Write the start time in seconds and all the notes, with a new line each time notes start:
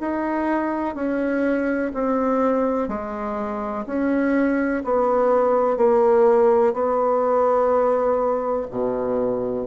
0.00 D#4
0.95 C#4
1.94 C4
2.88 G#3
3.86 C#4
4.84 B3
5.77 A#3
6.73 B3
8.71 B2